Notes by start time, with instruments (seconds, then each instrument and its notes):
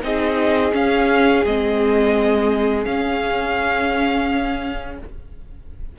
0.00 cello C4, viola D#4, violin G#4 D#5
0.72 viola C#4, cello C#4, violin F5
1.45 cello G#3, viola C4, violin D#5
2.84 viola C#4, cello C#4, violin F5